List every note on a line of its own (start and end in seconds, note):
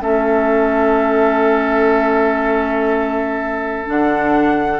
0.00 3.89 A3
0.00 3.86 C#4
0.00 4.80 A4
0.00 3.89 E5
3.86 4.80 D3
3.86 4.77 D4
3.86 4.80 F#5